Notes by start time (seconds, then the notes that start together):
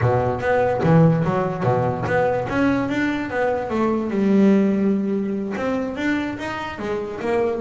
0.01 B2
0.40 B3
0.83 E3
1.24 F#3
1.63 B2
2.05 B3
2.49 C#4
2.88 D4
3.30 B3
3.70 A3
4.10 G3
5.56 C4
5.96 D4
6.38 D#4
6.78 G#3
7.20 A#3